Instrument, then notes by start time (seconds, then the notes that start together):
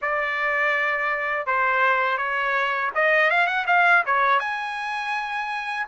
trumpet
0.01 D5
1.46 C5
2.18 C#5
2.94 D#5
3.30 F5
3.46 F#5
3.67 F5
4.06 C#5
4.39 G#5